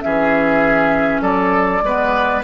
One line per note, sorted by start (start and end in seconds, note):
0.00 1.21 E3
0.00 1.80 C#4
0.00 1.21 G#4
0.00 1.21 E5
1.21 1.81 F#3
1.21 1.81 A4
1.21 2.42 D5
1.82 2.42 G#3
1.82 2.43 B3
1.82 2.43 B4